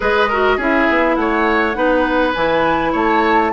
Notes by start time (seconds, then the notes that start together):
0.00 G#3 G#4 B4 D#5
0.29 F#4 A#4
0.56 C#4 E4 G#4 E5
0.89 B3
1.15 A3 C#5 F#5
1.74 B3 D#4 B4
2.33 E3 E4 G#5
2.92 A3 C#5 A5